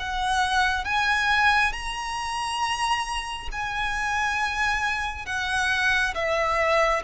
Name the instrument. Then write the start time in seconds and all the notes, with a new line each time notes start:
violin
0.00 F#5
0.85 G#5
1.73 A#5
3.52 G#5
5.26 F#5
6.15 E5